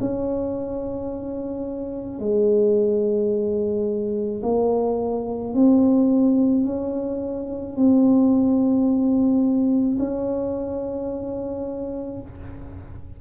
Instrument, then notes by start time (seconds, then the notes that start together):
tuba
0.00 C#4
2.19 G#3
4.42 A#3
5.54 C4
6.65 C#4
7.76 C4
9.98 C#4